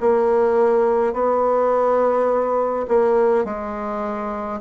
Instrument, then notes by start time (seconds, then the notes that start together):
bassoon
0.00 A#3
1.13 B3
2.88 A#3
3.45 G#3